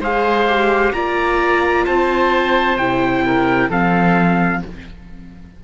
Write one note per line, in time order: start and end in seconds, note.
0.00 0.92 G#3
0.00 0.48 G#4
0.00 0.93 C5
0.00 0.93 F5
0.48 0.94 G4
0.93 1.86 A#3
0.93 2.78 F4
0.93 1.86 D5
0.93 1.85 A#5
1.86 2.77 C4
1.86 3.25 C5
1.86 2.77 A5
2.77 3.69 C3
2.77 3.71 E4
2.77 3.70 G5
3.26 3.69 A#4
3.69 4.62 F3
3.69 4.63 C4
3.69 4.62 A4
3.69 4.64 F5